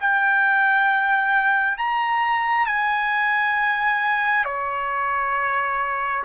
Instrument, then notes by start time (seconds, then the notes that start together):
trumpet
0.00 G5
1.78 A#5
2.66 G#5
4.45 C#5